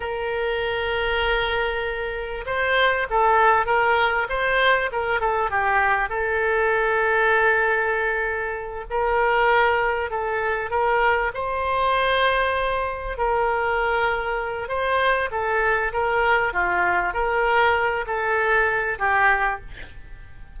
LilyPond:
\new Staff \with { instrumentName = "oboe" } { \time 4/4 \tempo 4 = 98 ais'1 | c''4 a'4 ais'4 c''4 | ais'8 a'8 g'4 a'2~ | a'2~ a'8 ais'4.~ |
ais'8 a'4 ais'4 c''4.~ | c''4. ais'2~ ais'8 | c''4 a'4 ais'4 f'4 | ais'4. a'4. g'4 | }